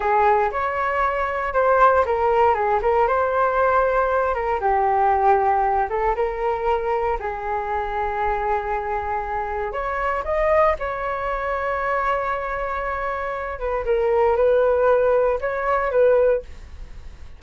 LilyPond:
\new Staff \with { instrumentName = "flute" } { \time 4/4 \tempo 4 = 117 gis'4 cis''2 c''4 | ais'4 gis'8 ais'8 c''2~ | c''8 ais'8 g'2~ g'8 a'8 | ais'2 gis'2~ |
gis'2. cis''4 | dis''4 cis''2.~ | cis''2~ cis''8 b'8 ais'4 | b'2 cis''4 b'4 | }